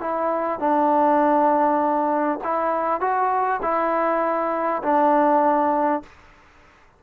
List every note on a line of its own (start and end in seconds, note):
0.00 0.59 E4
0.59 2.39 D4
2.44 3.00 E4
3.00 3.60 F#4
3.62 4.82 E4
4.82 6.02 D4